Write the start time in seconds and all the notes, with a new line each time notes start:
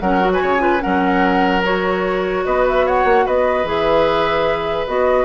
0.00 F#3 C#4 A#4 F#5
0.21 F#4
0.33 B4 G#5
0.42 C#3 C#5
0.59 F4 B4
0.81 F#3 C#4 A#4 F#5
1.64 F#4 C#5
2.45 B3 B4 D#5
2.68 E5
2.86 C#5 F#5
3.05 A#3
3.25 B3 B4 D#5
3.64 E3 G#4 E5
4.87 B3 F#4 D#5